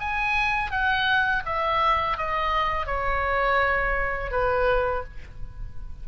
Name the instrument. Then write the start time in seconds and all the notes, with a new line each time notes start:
oboe
0.00 G#5
0.71 F#5
1.46 E5
2.18 D#5
2.87 C#5
4.31 B4